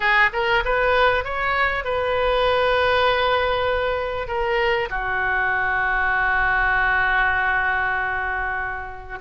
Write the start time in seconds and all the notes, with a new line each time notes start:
0.00 G#4
0.32 A#4
0.64 B4
1.24 C#5
1.84 B4
4.27 A#4
4.90 F#4